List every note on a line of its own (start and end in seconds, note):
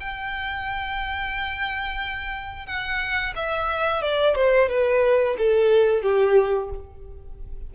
0.00 2.66 G5
2.66 3.34 F#5
3.36 4.02 E5
4.02 4.35 D5
4.35 4.69 C5
4.69 5.36 B4
5.38 6.02 A4
6.02 6.70 G4